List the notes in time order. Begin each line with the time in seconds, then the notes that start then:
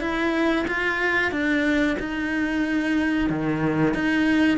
0.00 E4
0.67 F4
1.31 D4
1.99 D#4
3.29 D#3
3.93 D#4